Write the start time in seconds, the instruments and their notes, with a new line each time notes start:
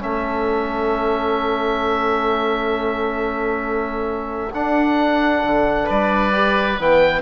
0.00 bassoon A3, trombone C#4, oboe A4 E5
4.54 bassoon D4, trombone D4, oboe F#5
5.44 bassoon D3
5.85 bassoon G3, oboe B4 D5
6.33 trombone G4
6.79 bassoon E3, trombone B3, oboe G5